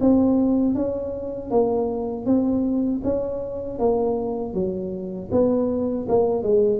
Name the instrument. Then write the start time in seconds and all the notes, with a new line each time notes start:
tuba
0.00 C4
0.75 C#4
1.50 A#3
2.25 C4
3.03 C#4
3.79 A#3
4.53 F#3
5.31 B3
6.08 A#3
6.42 G#3